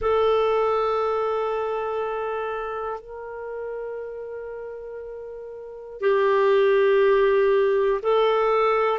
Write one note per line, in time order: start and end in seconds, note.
0.00 3.00 A4
3.00 6.00 A#4
6.00 8.00 G4
8.02 8.99 A4